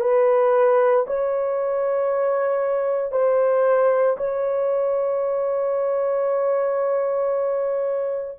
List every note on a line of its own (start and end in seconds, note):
0.00 1.05 B4
1.06 3.11 C#5
3.11 4.16 C5
4.17 8.38 C#5